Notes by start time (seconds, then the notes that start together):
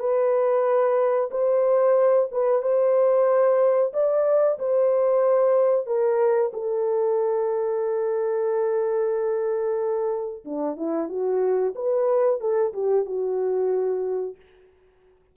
0.00 B4
1.31 C5
2.32 B4
2.62 C5
3.94 D5
4.59 C5
5.87 A#4
6.54 A4
10.45 D4
10.77 E4
11.09 F#4
11.75 B4
12.41 A4
12.74 G4
13.06 F#4